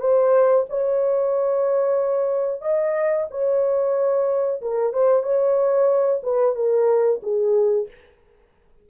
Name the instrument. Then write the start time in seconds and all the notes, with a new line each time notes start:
horn
0.00 C5
0.69 C#5
2.61 D#5
3.30 C#5
4.61 A#4
4.93 C5
5.23 C#5
6.23 B4
6.55 A#4
7.23 G#4